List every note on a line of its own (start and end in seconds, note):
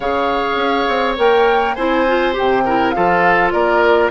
0.00 0.56 C#3
0.00 1.17 G#4
0.00 1.75 C#5
0.00 1.15 F5
0.56 0.85 C#4
0.88 1.18 C4
1.17 1.76 A#3
1.17 1.76 A#4
1.17 1.75 G5
1.75 2.36 C4
1.75 2.07 E4
1.75 2.63 C5
1.75 2.33 G#5
2.07 2.32 F4
2.32 2.62 G4
2.32 2.91 G5
2.39 2.96 C3
2.65 2.94 E4
2.65 2.94 A#4
2.91 3.53 F3
2.91 4.10 F4
2.91 3.52 A4
2.91 3.49 F5
3.51 4.10 A#3
3.51 4.10 A#4
3.51 4.10 D5